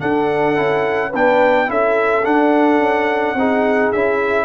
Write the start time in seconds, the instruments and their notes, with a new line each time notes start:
0.00 trombone D4, tuba D4, horn A4, trumpet F#5
0.56 tuba C#4, trombone E4
1.10 tuba B3, horn B4, trumpet G5
1.17 trombone D4
1.67 tuba C#4, trombone E4, horn A4, trumpet E5
2.24 trombone D4, tuba D4, trumpet F#5
2.79 tuba C#4
3.35 tuba C4, trombone D#4, horn G#4
3.93 tuba C#4, trombone E4, trumpet E5